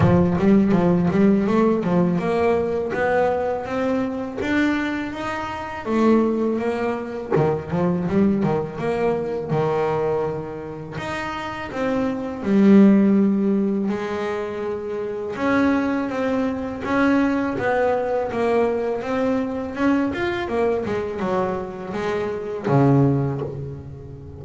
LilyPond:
\new Staff \with { instrumentName = "double bass" } { \time 4/4 \tempo 4 = 82 f8 g8 f8 g8 a8 f8 ais4 | b4 c'4 d'4 dis'4 | a4 ais4 dis8 f8 g8 dis8 | ais4 dis2 dis'4 |
c'4 g2 gis4~ | gis4 cis'4 c'4 cis'4 | b4 ais4 c'4 cis'8 f'8 | ais8 gis8 fis4 gis4 cis4 | }